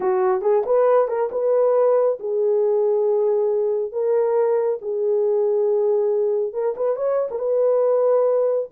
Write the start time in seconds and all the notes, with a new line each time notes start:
0.00 F#4
0.41 G#4
0.65 B4
1.08 A#4
1.31 B4
2.19 G#4
3.92 A#4
4.81 G#4
6.53 A#4
6.76 B4
6.96 C#5
7.30 A#4
7.38 B4